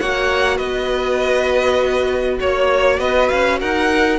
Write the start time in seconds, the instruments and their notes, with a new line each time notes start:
0.00 cello A#3, viola F#4, violin C#5 F#5
0.57 cello B3, violin B4 D#5
2.40 cello A#3, violin C#5
2.99 cello B3, violin B4 D#5
3.29 cello C#4, violin F5
3.60 cello D#4, violin A#4 F#5